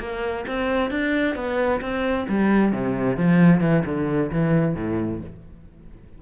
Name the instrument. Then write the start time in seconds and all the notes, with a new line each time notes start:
cello
0.00 A#3
0.47 C4
0.91 D4
1.36 B3
1.81 C4
2.29 G3
2.73 C3
3.17 F3
3.61 E3
3.86 D3
4.32 E3
4.75 A2